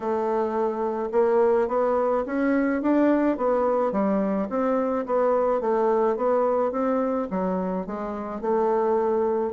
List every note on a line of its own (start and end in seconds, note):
0.00 1.09 A3
1.12 1.68 A#3
1.68 2.24 B3
2.26 2.81 C#4
2.81 3.37 D4
3.37 3.92 B3
3.92 4.48 G3
4.49 5.05 C4
5.05 5.60 B3
5.60 6.16 A3
6.16 6.71 B3
6.71 7.27 C4
7.30 7.86 F#3
7.86 8.41 G#3
8.41 9.53 A3